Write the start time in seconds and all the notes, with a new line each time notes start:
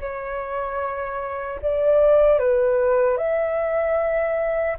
0.00 C#5
1.62 D5
2.39 B4
3.17 E5